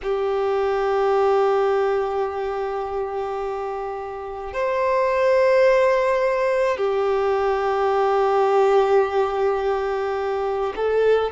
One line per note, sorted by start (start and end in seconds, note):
0.03 4.53 G4
4.53 6.77 C5
6.77 10.73 G4
10.75 11.31 A4